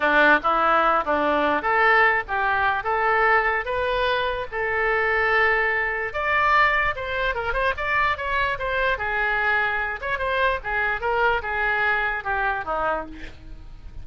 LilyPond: \new Staff \with { instrumentName = "oboe" } { \time 4/4 \tempo 4 = 147 d'4 e'4. d'4. | a'4. g'4. a'4~ | a'4 b'2 a'4~ | a'2. d''4~ |
d''4 c''4 ais'8 c''8 d''4 | cis''4 c''4 gis'2~ | gis'8 cis''8 c''4 gis'4 ais'4 | gis'2 g'4 dis'4 | }